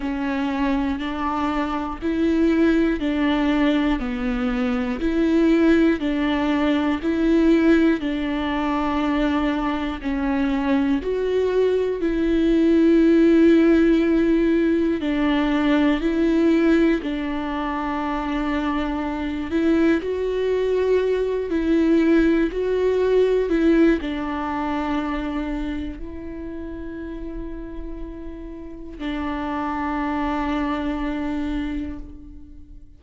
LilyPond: \new Staff \with { instrumentName = "viola" } { \time 4/4 \tempo 4 = 60 cis'4 d'4 e'4 d'4 | b4 e'4 d'4 e'4 | d'2 cis'4 fis'4 | e'2. d'4 |
e'4 d'2~ d'8 e'8 | fis'4. e'4 fis'4 e'8 | d'2 e'2~ | e'4 d'2. | }